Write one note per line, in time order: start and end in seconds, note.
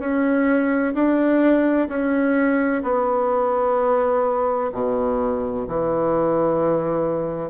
0.00 0.94 C#4
0.95 1.88 D4
1.89 2.83 C#4
2.83 4.71 B3
4.73 5.67 B2
5.68 7.50 E3